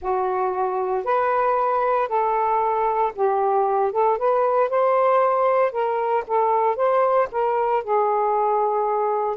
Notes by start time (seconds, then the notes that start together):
0.01 F#4
1.04 B4
2.08 A4
3.15 G4
3.92 A4
4.18 B4
4.69 C5
5.71 A#4
6.27 A4
6.76 C5
7.31 A#4
7.83 G#4